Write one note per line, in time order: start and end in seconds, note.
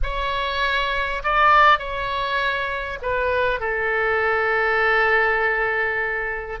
0.02 1.22 C#5
1.23 1.78 D5
1.78 2.98 C#5
3.02 3.60 B4
3.60 6.60 A4